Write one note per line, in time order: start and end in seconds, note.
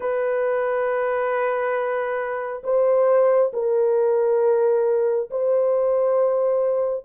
0.00 2.62 B4
2.63 3.51 C5
3.53 5.29 A#4
5.30 7.04 C5